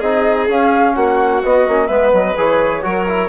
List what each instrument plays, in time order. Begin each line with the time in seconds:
0.00 bassoon C4, trombone D#4, violin G#4, flute D#5
0.49 bassoon C#4, trombone C#4, flute F5
0.94 bassoon A#3, violin F#4, flute F#5
1.44 trombone B3, bassoon B3, flute D#5
1.68 bassoon A#3, trombone C#4
1.88 bassoon G#3, trombone B3, violin B4, flute E5
2.13 bassoon F#3, flute D#5
2.37 bassoon E3, trombone G#4, flute C#5
2.83 bassoon F#3, trombone F#4, violin A#4
3.08 trombone E4